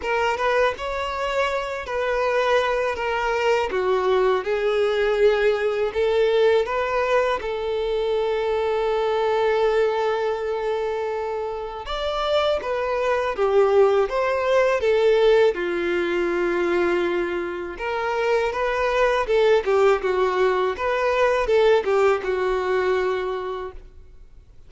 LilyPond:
\new Staff \with { instrumentName = "violin" } { \time 4/4 \tempo 4 = 81 ais'8 b'8 cis''4. b'4. | ais'4 fis'4 gis'2 | a'4 b'4 a'2~ | a'1 |
d''4 b'4 g'4 c''4 | a'4 f'2. | ais'4 b'4 a'8 g'8 fis'4 | b'4 a'8 g'8 fis'2 | }